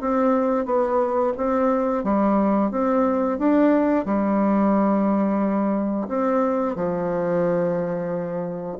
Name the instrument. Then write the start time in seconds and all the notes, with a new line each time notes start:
bassoon
0.00 C4
0.65 B3
1.37 C4
2.03 G3
2.71 C4
3.38 D4
4.05 G3
6.08 C4
6.75 F3